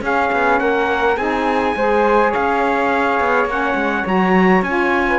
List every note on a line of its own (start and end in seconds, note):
0.00 1.15 C#4
0.00 0.29 C#4
0.00 0.59 G#4
0.00 0.59 F5
0.32 0.60 B3
0.59 1.16 A#3
0.59 1.17 A#4
0.59 1.17 F#5
1.16 1.74 C4
1.16 1.75 D#4
1.16 1.75 G#4
1.16 2.32 G#5
1.75 2.33 G#3
1.75 3.49 G#4
1.75 2.29 C5
2.29 5.03 C#5
2.29 3.49 F5
2.36 3.19 C#4
3.19 3.45 B3
3.45 3.74 A#3
3.45 4.05 C#4
3.45 4.07 F#5
3.75 4.03 G#3
4.05 4.62 F#3
4.05 4.63 F#4
4.05 4.63 A#5
4.62 5.19 C#4
4.62 5.19 F4
4.62 5.19 G#5
5.08 5.19 B4